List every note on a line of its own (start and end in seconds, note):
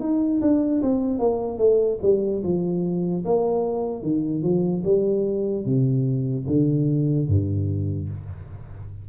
0.00 0.41 D#4
0.41 0.81 D4
0.82 1.19 C4
1.19 1.58 A#3
1.58 1.99 A3
2.02 2.43 G3
2.43 3.24 F3
3.25 4.02 A#3
4.02 4.42 D#3
4.42 4.83 F3
4.84 5.65 G3
5.65 6.46 C3
6.47 7.28 D3
7.28 8.09 G2